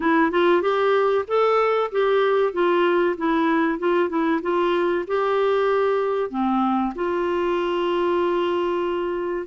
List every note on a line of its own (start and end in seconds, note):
0.00 0.31 E4
0.31 0.61 F4
0.61 1.25 G4
1.27 1.90 A4
1.91 2.52 G4
2.52 3.16 F4
3.17 3.78 E4
3.78 4.09 F4
4.09 4.40 E4
4.42 5.05 F4
5.07 6.30 G4
6.30 6.93 C4
6.95 9.46 F4